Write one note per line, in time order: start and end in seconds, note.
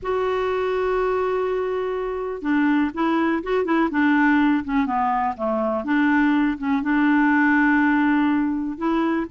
0.02 2.42 F#4
2.42 2.90 D4
2.94 3.43 E4
3.43 3.64 F#4
3.64 3.89 E4
3.90 4.63 D4
4.64 4.86 C#4
4.86 5.34 B3
5.36 5.84 A3
5.84 6.57 D4
6.58 6.82 C#4
6.82 8.77 D4
8.77 9.26 E4